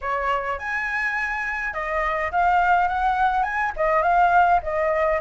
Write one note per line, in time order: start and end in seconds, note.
0.01 0.58 C#5
0.58 1.73 G#5
1.73 2.31 D#5
2.31 2.88 F5
2.88 3.43 F#5
3.43 3.72 G#5
3.76 4.02 D#5
4.02 4.60 F5
4.63 5.20 D#5